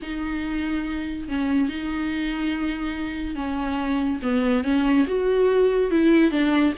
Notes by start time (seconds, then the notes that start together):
0.02 D#4
1.28 C#4
1.68 D#4
3.35 C#4
4.22 B3
4.63 C#4
5.07 F#4
5.90 E4
6.31 D4